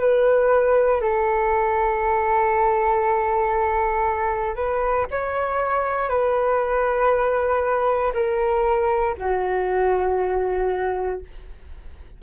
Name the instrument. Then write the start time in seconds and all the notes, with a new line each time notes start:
flute
0.00 B4
1.02 A4
4.56 B4
5.11 C#5
6.10 B4
8.14 A#4
9.18 F#4